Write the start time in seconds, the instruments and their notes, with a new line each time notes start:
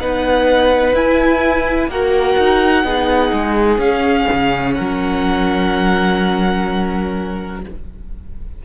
0.00 cello B3, viola D#4, violin B4 F#5
0.93 cello E4, viola E4, violin G#5
1.88 cello A#3, viola F#4, violin A#4 F#5
2.38 cello D#4
2.84 cello B3, viola D#4, violin G#4
3.33 cello G#3
3.78 cello C#4, viola C#4, violin F5
4.32 cello C#3
4.74 cello F#3, violin A#4 F#5